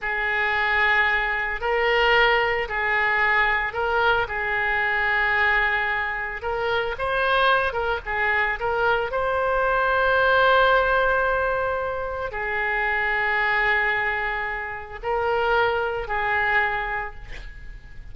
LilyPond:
\new Staff \with { instrumentName = "oboe" } { \time 4/4 \tempo 4 = 112 gis'2. ais'4~ | ais'4 gis'2 ais'4 | gis'1 | ais'4 c''4. ais'8 gis'4 |
ais'4 c''2.~ | c''2. gis'4~ | gis'1 | ais'2 gis'2 | }